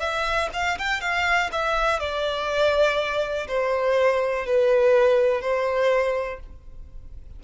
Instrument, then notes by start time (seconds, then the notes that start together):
violin
0.00 E5
0.53 F5
0.79 G5
1.01 F5
1.52 E5
2.00 D5
3.47 C5
4.46 B4
5.41 C5